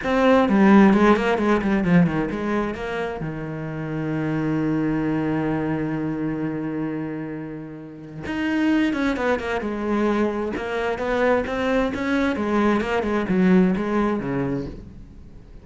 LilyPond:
\new Staff \with { instrumentName = "cello" } { \time 4/4 \tempo 4 = 131 c'4 g4 gis8 ais8 gis8 g8 | f8 dis8 gis4 ais4 dis4~ | dis1~ | dis1~ |
dis2 dis'4. cis'8 | b8 ais8 gis2 ais4 | b4 c'4 cis'4 gis4 | ais8 gis8 fis4 gis4 cis4 | }